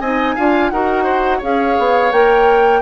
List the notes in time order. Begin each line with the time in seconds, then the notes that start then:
0.00 C4 D#4 D#5 G#5
0.35 D4 F4 F5
0.69 D#4 F#4 A#4 F#5
1.03 C5
1.38 C#4 G#4 C#5 F5
1.79 B3
2.12 A#3 A#4 G5